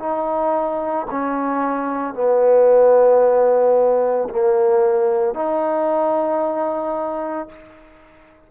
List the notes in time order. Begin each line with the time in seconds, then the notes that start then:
0.00 D#4
1.11 C#4
2.15 B3
4.30 A#3
5.35 D#4